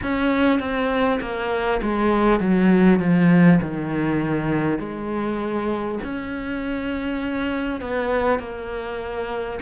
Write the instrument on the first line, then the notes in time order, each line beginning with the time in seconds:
cello
0.02 C#4
0.59 C4
1.21 A#3
1.82 G#3
2.39 F#3
2.99 F3
3.61 D#3
4.78 G#3
6.03 C#4
7.81 B3
8.39 A#3